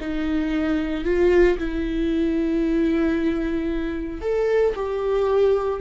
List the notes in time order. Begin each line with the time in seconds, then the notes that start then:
0.00 D#4
1.05 F4
1.58 E4
4.21 A4
4.75 G4